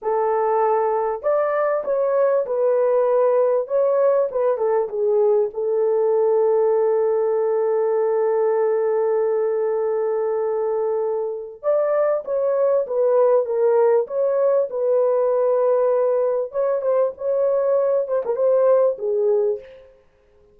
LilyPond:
\new Staff \with { instrumentName = "horn" } { \time 4/4 \tempo 4 = 98 a'2 d''4 cis''4 | b'2 cis''4 b'8 a'8 | gis'4 a'2.~ | a'1~ |
a'2. d''4 | cis''4 b'4 ais'4 cis''4 | b'2. cis''8 c''8 | cis''4. c''16 ais'16 c''4 gis'4 | }